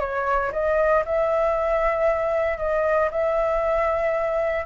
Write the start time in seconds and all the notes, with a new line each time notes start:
0.00 C#5
0.52 D#5
1.06 E5
2.58 D#5
3.11 E5